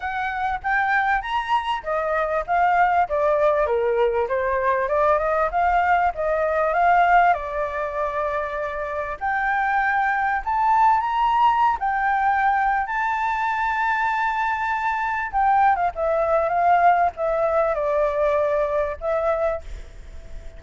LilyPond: \new Staff \with { instrumentName = "flute" } { \time 4/4 \tempo 4 = 98 fis''4 g''4 ais''4 dis''4 | f''4 d''4 ais'4 c''4 | d''8 dis''8 f''4 dis''4 f''4 | d''2. g''4~ |
g''4 a''4 ais''4~ ais''16 g''8.~ | g''4 a''2.~ | a''4 g''8. f''16 e''4 f''4 | e''4 d''2 e''4 | }